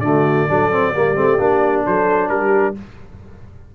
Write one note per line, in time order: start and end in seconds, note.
0.00 0.45 D3
0.00 0.49 A3
0.00 0.49 F#4
0.00 1.82 D5
0.49 0.95 F#3
0.49 0.71 D4
0.49 0.95 A4
0.72 0.94 C4
0.95 1.17 G3
0.95 1.15 A#3
0.95 1.86 G4
1.15 1.39 A3
1.15 1.38 C4
1.39 1.85 A#3
1.39 2.75 D4
1.86 2.29 F#3
1.86 2.30 A4
1.86 2.29 C5
2.29 2.75 G3
2.29 2.75 G4
2.29 2.75 A#4